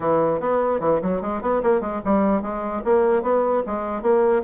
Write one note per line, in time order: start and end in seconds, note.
0.00 0.39 E3
0.39 0.80 B3
0.80 1.00 E3
1.02 1.21 F#3
1.21 1.41 G#3
1.41 1.62 B3
1.62 1.81 A#3
1.81 2.01 G#3
2.04 2.42 G3
2.42 2.82 G#3
2.84 3.22 A#3
3.22 3.62 B3
3.66 4.01 G#3
4.01 4.42 A#3